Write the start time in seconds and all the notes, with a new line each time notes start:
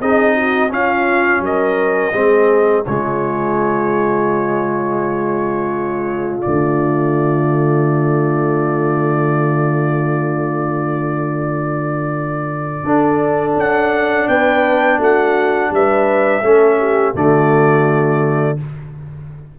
0.00 C4 D#4 G#4 D#5
0.35 F#4
0.69 C#4 F4 F5
1.40 F#3 A#4 D#5
2.12 G#3 C4 G#4
2.85 C#3 G#3 F4 C#5
6.41 D3 A3 D5
12.83 D4 A4
13.56 C#4 F#5
14.28 B3 B4 G5
14.98 A3 F#4 F#5
15.70 G3 B4 E5
16.42 A3 C#4 A4
16.79 G4
17.14 D3 A3 F#4 D5